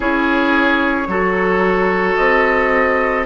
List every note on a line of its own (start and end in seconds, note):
0.00 1.07 C#4
0.00 1.06 E4
0.00 1.08 G#4
0.00 2.15 C#5
1.07 2.16 F#3
1.07 3.25 F#4
1.07 3.25 A4
2.15 3.25 C4
2.15 3.25 D#5